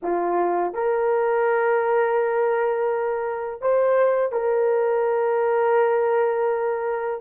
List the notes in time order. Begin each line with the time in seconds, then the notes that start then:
0.02 F4
0.73 A#4
3.61 C5
4.31 A#4